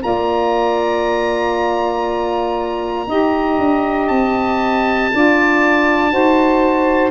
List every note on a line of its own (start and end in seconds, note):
0.00 3.07 A#3
0.00 3.05 F4
0.00 3.08 D5
0.00 4.07 A#5
3.07 3.58 D#4
3.07 5.12 G4
3.07 5.12 D#5
3.58 4.09 D4
4.07 5.11 C4
4.07 7.11 A5
5.13 6.12 D4
5.13 6.09 F4
5.13 6.12 D5
6.09 7.11 D#4
6.09 7.11 F#4
6.09 7.11 C5